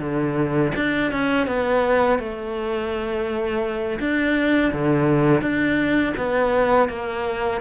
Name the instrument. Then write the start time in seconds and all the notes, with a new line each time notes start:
cello
0.00 D3
0.76 D4
1.12 C#4
1.47 B3
2.19 A3
4.00 D4
4.73 D3
5.41 D4
6.17 B3
6.89 A#3